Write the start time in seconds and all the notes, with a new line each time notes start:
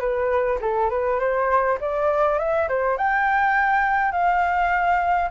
0.00 B4
0.61 A4
0.90 B4
1.20 C5
1.81 D5
2.39 E5
2.69 C5
2.97 G5
4.12 F5